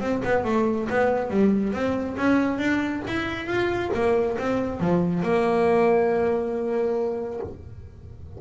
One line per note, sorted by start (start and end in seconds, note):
0.00 0.22 C4
0.24 0.44 B3
0.44 0.88 A3
0.89 1.30 B3
1.30 1.73 G3
1.73 2.16 C4
2.17 2.58 C#4
2.58 3.02 D4
3.07 3.46 E4
3.46 3.90 F4
3.94 4.37 A#3
4.38 4.80 C4
4.80 5.23 F3
5.23 7.40 A#3